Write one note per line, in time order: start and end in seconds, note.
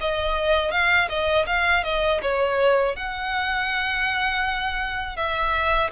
0.00 0.71 D#5
0.71 1.08 F5
1.08 1.45 D#5
1.46 1.83 F5
1.84 2.21 D#5
2.22 2.96 C#5
2.96 5.16 F#5
5.16 5.90 E5